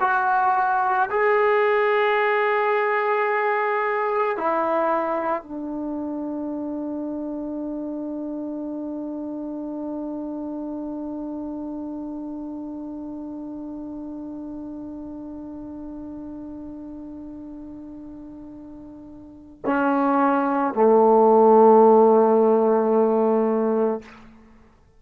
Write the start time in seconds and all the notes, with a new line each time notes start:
0.00 F#4
1.10 G#4
4.37 E4
5.42 D4
19.65 C#4
20.74 A3